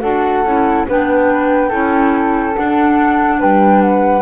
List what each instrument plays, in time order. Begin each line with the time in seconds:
0.00 double bass D4, clarinet F#4, flute A4 F#5
0.44 double bass C#4, clarinet E4
0.87 double bass B3, clarinet D4, flute B4 G5
1.69 double bass C#4, clarinet E4, flute A4
2.54 clarinet D4, double bass D4, flute F#5
3.39 double bass G3, flute B4 G5
3.82 flute F#5